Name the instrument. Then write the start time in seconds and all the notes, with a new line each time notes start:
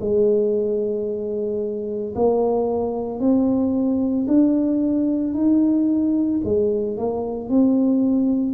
tuba
0.00 G#3
2.15 A#3
3.19 C4
4.27 D4
5.34 D#4
6.44 G#3
6.97 A#3
7.49 C4